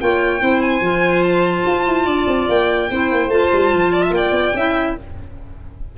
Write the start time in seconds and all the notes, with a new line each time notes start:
0.00 A#3 F4 C#5 G5
0.40 C4 E4 C5
0.62 G#5
0.80 F3 F4
1.23 A5
1.67 F4
1.87 E4
2.05 D4 D5
2.27 C4
2.48 A#3 G5
2.90 C4 E4 C5
3.11 A#3
3.27 A3 F4 A5
3.52 G3
3.73 F3
3.92 D5
4.02 E5
4.10 A#3 D5 G5
4.31 B3
4.54 C#4 E4 E5